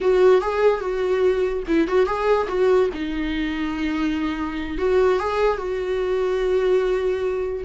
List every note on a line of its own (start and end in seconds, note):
0.00 0.41 F#4
0.41 0.80 G#4
0.80 1.63 F#4
1.67 1.87 E4
1.87 2.05 F#4
2.05 2.47 G#4
2.48 2.89 F#4
2.93 4.78 D#4
4.78 5.19 F#4
5.19 5.57 G#4
5.57 7.64 F#4